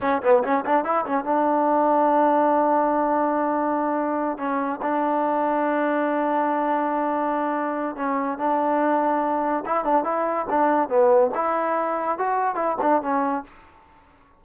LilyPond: \new Staff \with { instrumentName = "trombone" } { \time 4/4 \tempo 4 = 143 cis'8 b8 cis'8 d'8 e'8 cis'8 d'4~ | d'1~ | d'2~ d'8 cis'4 d'8~ | d'1~ |
d'2. cis'4 | d'2. e'8 d'8 | e'4 d'4 b4 e'4~ | e'4 fis'4 e'8 d'8 cis'4 | }